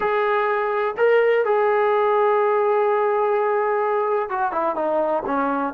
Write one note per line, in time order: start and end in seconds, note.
0.00 0.95 G#4
0.97 1.44 A#4
1.45 4.29 G#4
4.29 4.52 F#4
4.52 4.75 E4
4.75 5.23 D#4
5.26 5.73 C#4